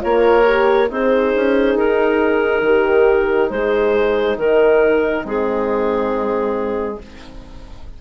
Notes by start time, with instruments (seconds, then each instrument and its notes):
0.00 bassoon A#3, horn F4, oboe A#4, clarinet C#5
0.45 horn G4
0.88 bassoon C4, oboe D#4, horn G#4, clarinet C5
1.35 bassoon C#4
1.75 bassoon D#4, clarinet A#4
2.61 bassoon D#3, horn G4
3.49 bassoon G#3, horn G#4, clarinet C5
4.37 bassoon D#3, horn D#4, clarinet A#4
5.22 bassoon G#3, horn C4, clarinet G#4